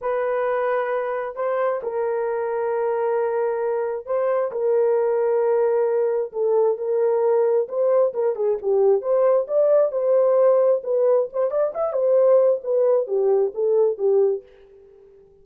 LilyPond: \new Staff \with { instrumentName = "horn" } { \time 4/4 \tempo 4 = 133 b'2. c''4 | ais'1~ | ais'4 c''4 ais'2~ | ais'2 a'4 ais'4~ |
ais'4 c''4 ais'8 gis'8 g'4 | c''4 d''4 c''2 | b'4 c''8 d''8 e''8 c''4. | b'4 g'4 a'4 g'4 | }